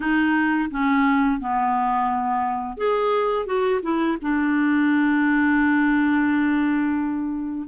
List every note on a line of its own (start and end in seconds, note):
0.00 0.69 D#4
0.70 1.40 C#4
1.40 2.77 B3
2.77 3.45 G#4
3.45 3.80 F#4
3.82 4.17 E4
4.21 7.67 D4